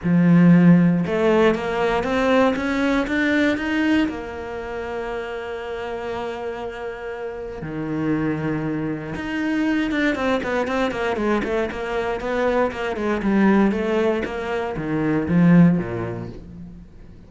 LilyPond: \new Staff \with { instrumentName = "cello" } { \time 4/4 \tempo 4 = 118 f2 a4 ais4 | c'4 cis'4 d'4 dis'4 | ais1~ | ais2. dis4~ |
dis2 dis'4. d'8 | c'8 b8 c'8 ais8 gis8 a8 ais4 | b4 ais8 gis8 g4 a4 | ais4 dis4 f4 ais,4 | }